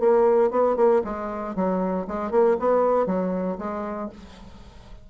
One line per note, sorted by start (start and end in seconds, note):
0.00 0.51 A#3
0.51 0.76 B3
0.76 1.02 A#3
1.04 1.55 G#3
1.55 2.07 F#3
2.07 2.31 G#3
2.31 2.57 A#3
2.59 3.06 B3
3.06 3.58 F#3
3.58 4.10 G#3